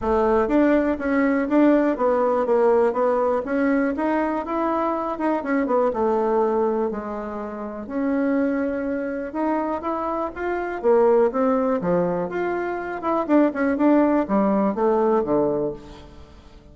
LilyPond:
\new Staff \with { instrumentName = "bassoon" } { \time 4/4 \tempo 4 = 122 a4 d'4 cis'4 d'4 | b4 ais4 b4 cis'4 | dis'4 e'4. dis'8 cis'8 b8 | a2 gis2 |
cis'2. dis'4 | e'4 f'4 ais4 c'4 | f4 f'4. e'8 d'8 cis'8 | d'4 g4 a4 d4 | }